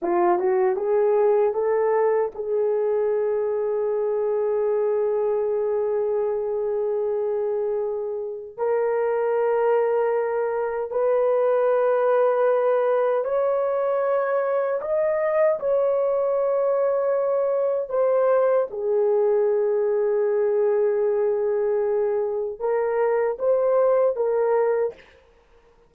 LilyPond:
\new Staff \with { instrumentName = "horn" } { \time 4/4 \tempo 4 = 77 f'8 fis'8 gis'4 a'4 gis'4~ | gis'1~ | gis'2. ais'4~ | ais'2 b'2~ |
b'4 cis''2 dis''4 | cis''2. c''4 | gis'1~ | gis'4 ais'4 c''4 ais'4 | }